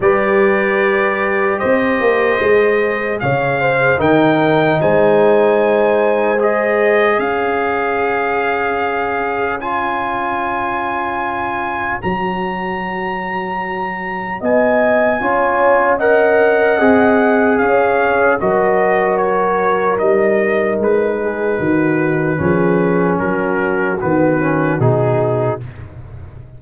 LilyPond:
<<
  \new Staff \with { instrumentName = "trumpet" } { \time 4/4 \tempo 4 = 75 d''2 dis''2 | f''4 g''4 gis''2 | dis''4 f''2. | gis''2. ais''4~ |
ais''2 gis''2 | fis''2 f''4 dis''4 | cis''4 dis''4 b'2~ | b'4 ais'4 b'4 gis'4 | }
  \new Staff \with { instrumentName = "horn" } { \time 4/4 b'2 c''2 | cis''8 c''8 ais'4 c''2~ | c''4 cis''2.~ | cis''1~ |
cis''2 dis''4 cis''4 | dis''2 cis''4 ais'4~ | ais'2~ ais'8 gis'8 fis'4 | gis'4 fis'2. | }
  \new Staff \with { instrumentName = "trombone" } { \time 4/4 g'2. gis'4~ | gis'4 dis'2. | gis'1 | f'2. fis'4~ |
fis'2. f'4 | ais'4 gis'2 fis'4~ | fis'4 dis'2. | cis'2 b8 cis'8 dis'4 | }
  \new Staff \with { instrumentName = "tuba" } { \time 4/4 g2 c'8 ais8 gis4 | cis4 dis4 gis2~ | gis4 cis'2.~ | cis'2. fis4~ |
fis2 b4 cis'4~ | cis'4 c'4 cis'4 fis4~ | fis4 g4 gis4 dis4 | f4 fis4 dis4 b,4 | }
>>